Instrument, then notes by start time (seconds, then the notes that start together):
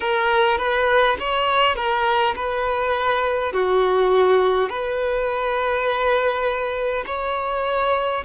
violin
0.00 A#4
0.58 B4
1.19 C#5
1.75 A#4
2.35 B4
3.52 F#4
4.69 B4
7.06 C#5